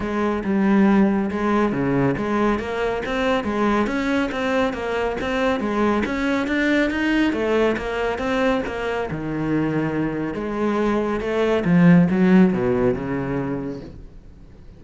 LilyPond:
\new Staff \with { instrumentName = "cello" } { \time 4/4 \tempo 4 = 139 gis4 g2 gis4 | cis4 gis4 ais4 c'4 | gis4 cis'4 c'4 ais4 | c'4 gis4 cis'4 d'4 |
dis'4 a4 ais4 c'4 | ais4 dis2. | gis2 a4 f4 | fis4 b,4 cis2 | }